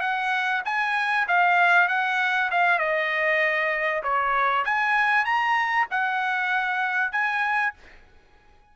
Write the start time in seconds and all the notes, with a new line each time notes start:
0.00 F#5
0.65 G#5
1.27 F5
1.88 F#5
2.51 F5
2.79 D#5
4.03 C#5
4.65 G#5
5.25 A#5
5.90 F#5
7.12 G#5